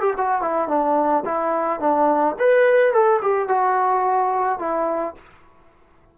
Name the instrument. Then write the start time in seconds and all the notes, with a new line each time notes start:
trombone
0.00 G4
0.17 F#4
0.41 E4
0.68 D4
1.25 E4
1.80 D4
2.39 B4
2.92 A4
3.22 G4
3.48 F#4
4.59 E4